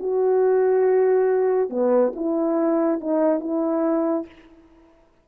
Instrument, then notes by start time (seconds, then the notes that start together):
horn
0.00 F#4
1.70 B3
2.16 E4
3.00 D#4
3.40 E4